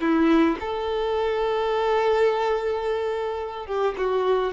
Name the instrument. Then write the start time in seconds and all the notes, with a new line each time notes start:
violin
0.00 E4
0.60 A4
3.66 G4
3.97 F#4